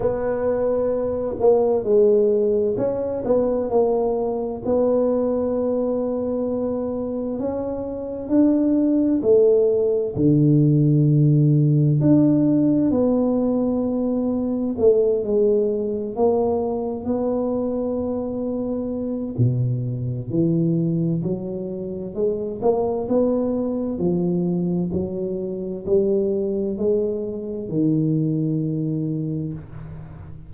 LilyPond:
\new Staff \with { instrumentName = "tuba" } { \time 4/4 \tempo 4 = 65 b4. ais8 gis4 cis'8 b8 | ais4 b2. | cis'4 d'4 a4 d4~ | d4 d'4 b2 |
a8 gis4 ais4 b4.~ | b4 b,4 e4 fis4 | gis8 ais8 b4 f4 fis4 | g4 gis4 dis2 | }